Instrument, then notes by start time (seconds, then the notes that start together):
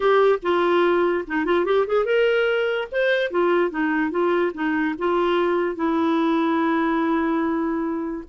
clarinet
0.00 G4
0.42 F4
1.27 D#4
1.45 F4
1.65 G4
1.86 G#4
2.05 A#4
2.91 C5
3.30 F4
3.70 D#4
4.10 F4
4.53 D#4
4.98 F4
5.75 E4